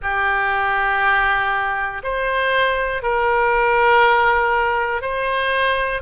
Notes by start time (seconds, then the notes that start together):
0.02 G4
2.03 C5
3.02 A#4
5.01 C5